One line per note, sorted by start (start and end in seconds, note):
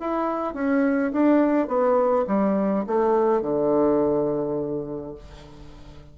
0.00 0.54 E4
0.54 1.12 C#4
1.12 1.67 D4
1.67 2.25 B3
2.27 2.85 G3
2.86 3.42 A3
3.42 5.15 D3